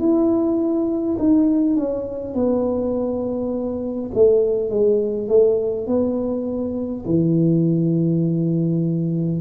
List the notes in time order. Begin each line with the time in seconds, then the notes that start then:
0.00 E4
1.19 D#4
1.76 C#4
2.35 B3
4.14 A3
4.71 G#3
5.29 A3
5.88 B3
7.06 E3